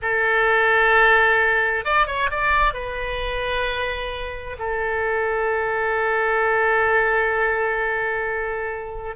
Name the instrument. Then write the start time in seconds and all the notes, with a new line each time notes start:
oboe
0.01 A4
1.84 D5
2.07 C#5
2.30 D5
2.73 B4
4.58 A4